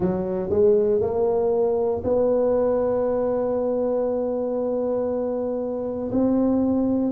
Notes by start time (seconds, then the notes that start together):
0.00 F#3
0.49 G#3
1.00 A#3
2.03 B3
6.11 C4